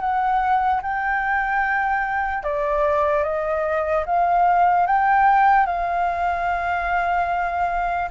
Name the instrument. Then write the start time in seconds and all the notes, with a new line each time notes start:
flute
0.00 F#5
0.82 G5
2.43 D5
3.23 D#5
4.05 F5
4.86 G5
5.66 F5